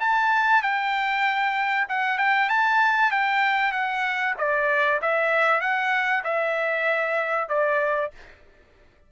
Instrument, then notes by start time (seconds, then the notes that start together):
trumpet
0.00 A5
0.62 G5
1.89 F#5
2.18 G5
2.49 A5
3.11 G5
3.72 F#5
4.38 D5
5.01 E5
5.61 F#5
6.24 E5
7.49 D5